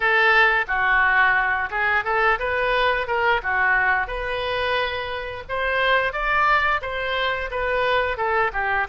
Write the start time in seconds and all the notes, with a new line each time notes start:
0.00 A4
0.67 F#4
1.70 G#4
2.04 A4
2.39 B4
3.07 A#4
3.42 F#4
4.07 B4
5.49 C5
6.12 D5
6.82 C5
7.50 B4
8.17 A4
8.53 G4